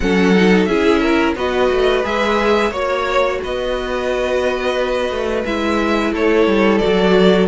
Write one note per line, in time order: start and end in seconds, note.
0.00 0.67 F#3
0.00 0.34 C#4
0.00 0.68 A4
0.00 0.64 F#5
0.34 0.68 D#4
0.64 1.35 C#4
0.64 1.36 E4
0.64 1.00 G#4
0.64 1.33 E5
1.00 1.35 A#4
1.35 1.69 B3
1.35 2.03 F#4
1.35 2.70 B4
1.35 2.05 D#5
1.70 2.04 A3
2.03 2.71 G#3
2.03 2.71 G#4
2.03 2.72 E5
2.70 3.39 A#3
2.70 5.44 F#4
2.70 3.38 C#5
2.70 3.41 C#5
3.42 5.10 B3
3.42 6.13 B4
3.42 5.45 D#5
5.10 5.44 A3
5.45 6.12 G#3
5.45 6.81 E4
5.45 6.13 E5
6.12 6.46 A3
6.12 7.48 A4
6.12 6.78 C#5
6.46 6.80 G3
6.78 7.48 F#4
6.78 7.46 D5
6.86 7.48 F#3